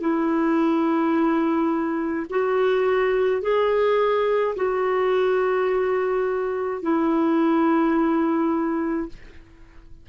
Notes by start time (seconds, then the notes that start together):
0.00 E4
2.30 F#4
3.42 G#4
4.55 F#4
6.82 E4